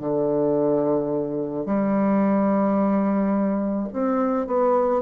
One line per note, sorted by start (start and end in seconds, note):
0.00 1.66 D3
1.66 3.88 G3
3.93 4.47 C4
4.47 5.02 B3